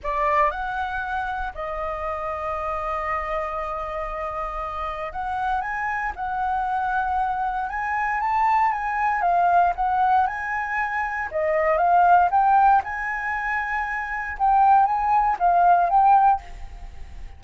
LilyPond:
\new Staff \with { instrumentName = "flute" } { \time 4/4 \tempo 4 = 117 d''4 fis''2 dis''4~ | dis''1~ | dis''2 fis''4 gis''4 | fis''2. gis''4 |
a''4 gis''4 f''4 fis''4 | gis''2 dis''4 f''4 | g''4 gis''2. | g''4 gis''4 f''4 g''4 | }